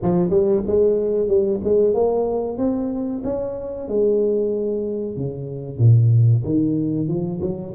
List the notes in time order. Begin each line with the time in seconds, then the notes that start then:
0.02 F3
0.30 G3
0.66 G#3
1.27 G3
1.64 G#3
1.94 A#3
2.57 C4
3.24 C#4
3.88 G#3
5.16 C#3
5.78 A#2
6.45 D#3
7.08 F3
7.41 F#3